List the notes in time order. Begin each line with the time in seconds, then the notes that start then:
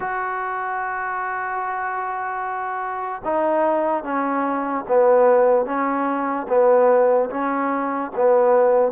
0.00 F#4
3.24 D#4
4.03 C#4
4.88 B3
5.65 C#4
6.48 B3
7.30 C#4
8.16 B3